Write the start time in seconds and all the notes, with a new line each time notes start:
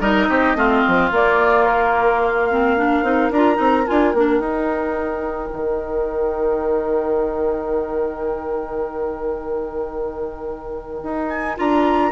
0.00 G3 D#4 A#4 D#5
0.29 C4 G4
0.55 A3 C4 F4
0.88 F3
1.11 A#3 D5
1.66 A#4
2.21 F5
2.50 C4
2.77 D4 A#4
3.02 C4 D#4
3.30 D4 F4 A#5
3.55 C4 D#4
3.87 D4 F4 G#5
4.14 A#3 D4 G5
4.39 D#4
5.53 D#3
11.03 D#4
11.28 G#5
11.56 D4 F4 A#5